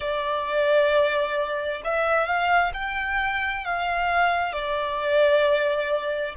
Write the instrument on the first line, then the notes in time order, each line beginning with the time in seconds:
violin
0.00 D5
1.84 E5
2.26 F5
2.73 G5
3.64 F5
4.52 D5